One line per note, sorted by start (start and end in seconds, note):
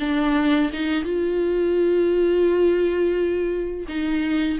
0.00 0.71 D4
0.73 1.04 D#4
1.04 3.86 F4
3.88 4.59 D#4